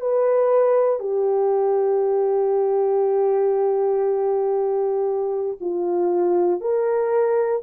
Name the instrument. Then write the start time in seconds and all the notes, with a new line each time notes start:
horn
0.00 B4
0.99 G4
5.60 F4
6.61 A#4